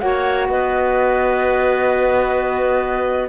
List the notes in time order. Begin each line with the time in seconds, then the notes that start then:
0.00 A#3 F#4 C#5 F#5
0.49 B3 B4 D#5